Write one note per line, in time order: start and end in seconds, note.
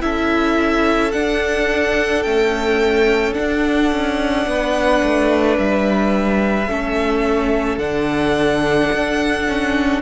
0.00 1.13 C#4
0.00 1.11 E4
0.00 4.47 A4
0.00 1.11 E5
1.11 2.23 D4
1.11 2.25 D4
1.11 2.22 F#5
2.22 3.33 A3
2.22 3.36 C#4
2.22 3.33 G5
3.33 6.66 D4
3.33 3.91 D4
3.33 5.56 F#5
3.91 4.46 C#4
4.46 5.01 B3
4.46 6.69 B4
5.03 5.58 A3
5.58 6.67 G3
5.58 7.78 E5
6.67 7.78 A3
6.67 7.79 C#4
6.67 10.01 A4
7.78 8.89 D3
7.78 9.45 D4
7.78 10.00 F#5
8.92 10.01 D4
9.48 10.01 C#4